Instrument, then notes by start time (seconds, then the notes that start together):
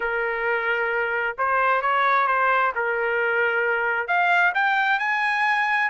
trumpet
0.00 A#4
1.38 C5
1.81 C#5
2.27 C5
2.75 A#4
4.07 F5
4.54 G5
4.99 G#5